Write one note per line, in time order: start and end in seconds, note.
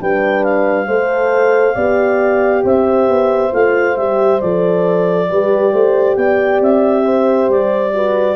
0.00 0.87 G3
0.00 0.88 D4
0.00 0.87 B4
0.00 0.43 G5
0.43 2.64 F5
0.87 1.75 A3
0.87 1.76 A4
0.87 1.74 C5
1.74 2.64 B3
1.74 3.51 G4
1.74 2.62 D5
2.64 3.08 C4
2.64 5.29 C5
2.64 3.53 E5
3.08 3.52 B3
3.51 3.96 A3
3.51 3.95 F4
3.51 3.96 F5
3.96 4.40 G3
3.96 4.41 G4
3.96 4.40 E5
4.40 5.30 F3
4.40 5.28 A4
4.40 6.16 D5
5.28 5.73 G3
5.28 7.93 G4
5.28 5.73 B4
5.73 6.17 A3
5.73 6.17 C5
6.16 6.60 B3
6.16 7.04 D5
6.16 6.60 G5
6.60 7.48 C4
6.60 7.50 E5
7.04 7.92 C5
7.48 8.35 G3
7.48 8.35 D5
7.93 8.35 F#4
7.93 8.35 B4